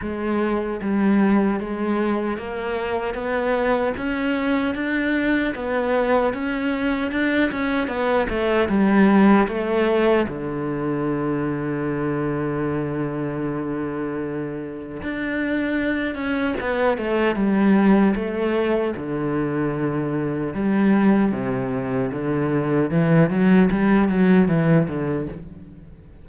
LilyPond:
\new Staff \with { instrumentName = "cello" } { \time 4/4 \tempo 4 = 76 gis4 g4 gis4 ais4 | b4 cis'4 d'4 b4 | cis'4 d'8 cis'8 b8 a8 g4 | a4 d2.~ |
d2. d'4~ | d'8 cis'8 b8 a8 g4 a4 | d2 g4 c4 | d4 e8 fis8 g8 fis8 e8 d8 | }